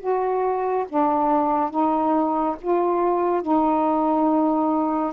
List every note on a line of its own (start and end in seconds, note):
0.00 0.86 F#4
0.89 1.70 D4
1.70 2.56 D#4
2.61 3.42 F4
3.42 5.13 D#4